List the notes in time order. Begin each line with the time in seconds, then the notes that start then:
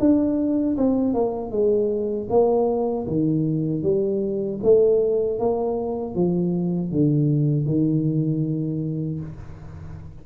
0.00 D4
0.77 C4
1.14 A#3
1.51 G#3
2.30 A#3
3.07 D#3
3.83 G3
4.63 A3
5.39 A#3
6.15 F3
6.92 D3
7.66 D#3